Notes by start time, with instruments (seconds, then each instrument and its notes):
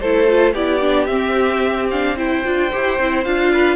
0.00 cello A3, viola E4, violin A4 C5
0.27 viola F4
0.53 cello B3, viola E4, violin G4 D5
0.81 viola D4
1.06 cello C4, viola C4, violin E5
1.90 viola D4, violin F5
2.17 viola E4, violin C5 G5
2.44 cello D4, viola F4
2.72 cello E4, viola G4
2.99 cello C4, viola E4
3.24 cello D4, viola F4, violin F5
3.53 violin B4